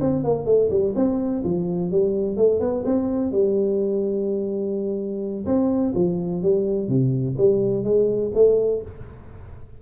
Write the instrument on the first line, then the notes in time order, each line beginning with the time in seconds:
tuba
0.00 C4
0.24 A#3
0.45 A3
0.70 G3
0.95 C4
1.44 F3
1.91 G3
2.36 A3
2.60 B3
2.85 C4
3.31 G3
5.46 C4
5.94 F3
6.42 G3
6.88 C3
7.37 G3
7.84 G#3
8.34 A3